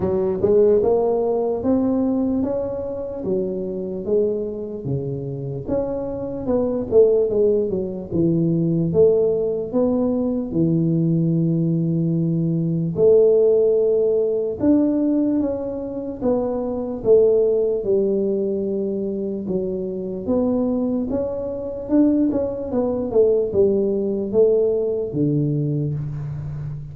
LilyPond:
\new Staff \with { instrumentName = "tuba" } { \time 4/4 \tempo 4 = 74 fis8 gis8 ais4 c'4 cis'4 | fis4 gis4 cis4 cis'4 | b8 a8 gis8 fis8 e4 a4 | b4 e2. |
a2 d'4 cis'4 | b4 a4 g2 | fis4 b4 cis'4 d'8 cis'8 | b8 a8 g4 a4 d4 | }